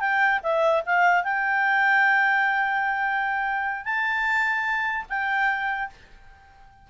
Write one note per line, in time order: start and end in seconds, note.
0.00 0.40 G5
0.43 0.83 E5
0.86 1.24 F5
1.24 3.85 G5
3.85 5.06 A5
5.10 5.90 G5